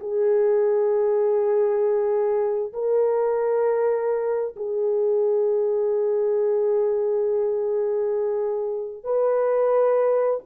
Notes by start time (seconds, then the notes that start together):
0.00 G#4
2.73 A#4
4.56 G#4
9.04 B4